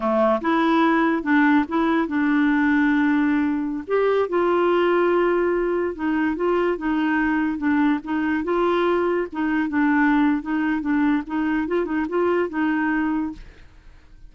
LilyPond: \new Staff \with { instrumentName = "clarinet" } { \time 4/4 \tempo 4 = 144 a4 e'2 d'4 | e'4 d'2.~ | d'4~ d'16 g'4 f'4.~ f'16~ | f'2~ f'16 dis'4 f'8.~ |
f'16 dis'2 d'4 dis'8.~ | dis'16 f'2 dis'4 d'8.~ | d'4 dis'4 d'4 dis'4 | f'8 dis'8 f'4 dis'2 | }